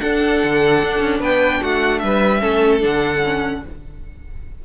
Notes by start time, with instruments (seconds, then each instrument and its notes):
0.00 viola D4, cello D4, violin A4 F#5
0.43 cello D3
0.83 cello D4
1.00 cello C#4
1.20 cello B3, violin B4 G5
1.61 cello A3, violin F#4 F#5
1.99 cello G3, violin B4 E5
2.40 cello A3, viola C#4, violin A4
2.80 cello D3, viola D4, violin F#5
3.24 viola C#4